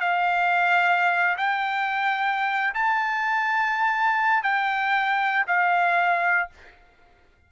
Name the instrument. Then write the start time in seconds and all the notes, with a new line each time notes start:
trumpet
0.00 F5
1.37 G5
2.74 A5
4.43 G5
5.47 F5